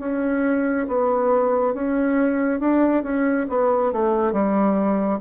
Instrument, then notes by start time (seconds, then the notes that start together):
bassoon
0.00 C#4
0.88 B3
1.74 C#4
2.60 D4
3.03 C#4
3.49 B3
3.92 A3
4.33 G3